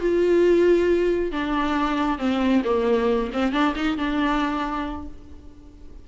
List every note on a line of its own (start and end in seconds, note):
0.00 1.32 F4
1.32 2.18 D4
2.18 2.62 C4
2.64 3.30 A#3
3.33 3.52 C4
3.52 3.74 D4
3.75 3.97 D#4
3.97 5.08 D4